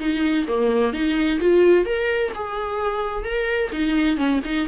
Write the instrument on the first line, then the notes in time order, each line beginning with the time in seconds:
viola
0.00 D#4
0.48 A#3
0.93 D#4
1.40 F4
1.86 A#4
2.35 G#4
3.25 A#4
3.73 D#4
4.17 C#4
4.45 D#4